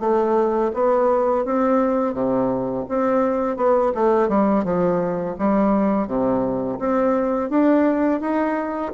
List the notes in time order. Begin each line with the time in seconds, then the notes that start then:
0.00 A3
0.74 B3
1.45 C4
2.14 C3
2.89 C4
3.57 B3
3.94 A3
4.29 G3
4.64 F3
5.39 G3
6.07 C3
6.79 C4
7.50 D4
8.21 D#4